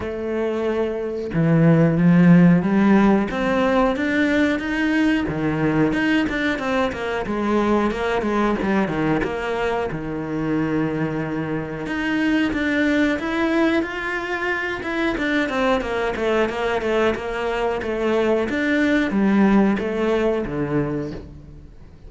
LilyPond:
\new Staff \with { instrumentName = "cello" } { \time 4/4 \tempo 4 = 91 a2 e4 f4 | g4 c'4 d'4 dis'4 | dis4 dis'8 d'8 c'8 ais8 gis4 | ais8 gis8 g8 dis8 ais4 dis4~ |
dis2 dis'4 d'4 | e'4 f'4. e'8 d'8 c'8 | ais8 a8 ais8 a8 ais4 a4 | d'4 g4 a4 d4 | }